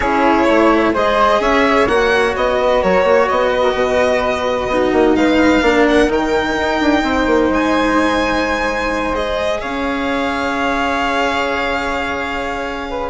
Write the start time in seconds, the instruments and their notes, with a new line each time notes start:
0.00 bassoon C#4, cello E4, flute G#4, violin C#5
0.45 bassoon A3, flute C#5
0.93 bassoon G#3, cello G#4, flute C5, violin D#5
1.39 bassoon C#4, flute C#5, violin E5
1.87 bassoon A#3, cello F#4, violin F#5
2.36 bassoon B3, violin D#5
2.59 flute B4
2.82 bassoon F#3, flute A#4, violin C#5
3.02 bassoon A#3, flute C#5
3.28 bassoon B3, violin D#5
3.51 flute B4
3.62 flute A#4
3.74 bassoon B2, flute B4
4.67 bassoon B3, cello D#4, flute F#4
4.93 bassoon A#3
5.15 bassoon G#3, flute B4, violin F5
5.61 bassoon A#3, cello D4, flute A#4
5.88 violin F#5
6.08 bassoon D#3, cello D#4, violin G5
6.57 bassoon D#4
6.81 bassoon D4
7.03 bassoon C4, flute C5
7.26 bassoon A#3
7.49 bassoon G#3, violin G#5
9.14 cello G#4, violin D#5
9.60 bassoon C#4, flute C#5, violin F5
12.89 flute B4